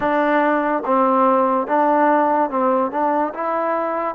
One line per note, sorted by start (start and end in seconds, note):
0.00 0.83 D4
0.85 1.67 C4
1.67 2.50 D4
2.50 2.91 C4
2.91 3.33 D4
3.33 4.15 E4